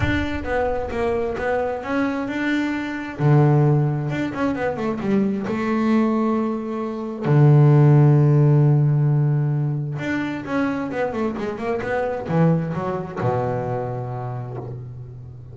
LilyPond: \new Staff \with { instrumentName = "double bass" } { \time 4/4 \tempo 4 = 132 d'4 b4 ais4 b4 | cis'4 d'2 d4~ | d4 d'8 cis'8 b8 a8 g4 | a1 |
d1~ | d2 d'4 cis'4 | b8 a8 gis8 ais8 b4 e4 | fis4 b,2. | }